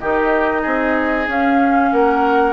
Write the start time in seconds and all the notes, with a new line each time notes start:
0.00 D#3 D#4 G4 D#5
0.62 C4 G#4
1.27 C#4 F5
1.93 A#3 A#4 F#5